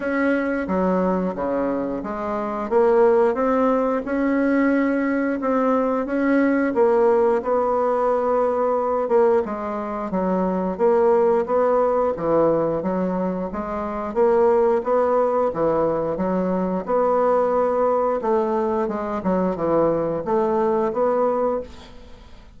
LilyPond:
\new Staff \with { instrumentName = "bassoon" } { \time 4/4 \tempo 4 = 89 cis'4 fis4 cis4 gis4 | ais4 c'4 cis'2 | c'4 cis'4 ais4 b4~ | b4. ais8 gis4 fis4 |
ais4 b4 e4 fis4 | gis4 ais4 b4 e4 | fis4 b2 a4 | gis8 fis8 e4 a4 b4 | }